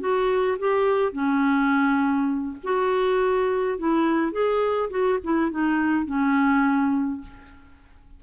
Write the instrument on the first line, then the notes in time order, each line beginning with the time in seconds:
clarinet
0.00 F#4
0.59 G4
1.13 C#4
2.64 F#4
3.78 E4
4.32 G#4
4.90 F#4
5.24 E4
5.51 D#4
6.06 C#4